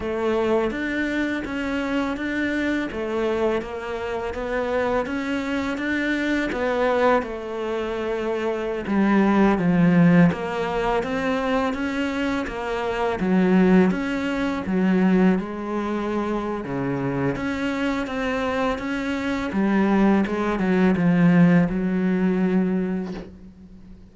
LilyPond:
\new Staff \with { instrumentName = "cello" } { \time 4/4 \tempo 4 = 83 a4 d'4 cis'4 d'4 | a4 ais4 b4 cis'4 | d'4 b4 a2~ | a16 g4 f4 ais4 c'8.~ |
c'16 cis'4 ais4 fis4 cis'8.~ | cis'16 fis4 gis4.~ gis16 cis4 | cis'4 c'4 cis'4 g4 | gis8 fis8 f4 fis2 | }